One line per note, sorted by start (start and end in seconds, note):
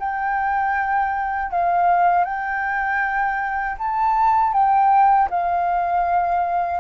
0.00 1.52 G5
1.52 2.24 F5
2.24 3.76 G5
3.79 4.53 A5
4.53 5.29 G5
5.30 6.80 F5